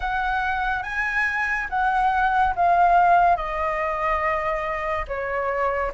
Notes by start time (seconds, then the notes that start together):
0.00 F#5
0.83 G#5
1.69 F#5
2.55 F5
3.36 D#5
5.07 C#5